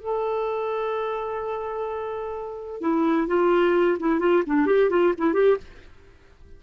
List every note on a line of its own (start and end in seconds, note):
0.00 2.81 A4
2.81 3.27 E4
3.27 3.98 F4
4.00 4.20 E4
4.20 4.43 F4
4.47 4.67 D4
4.67 4.90 G4
4.90 5.14 F4
5.18 5.34 E4
5.34 5.57 G4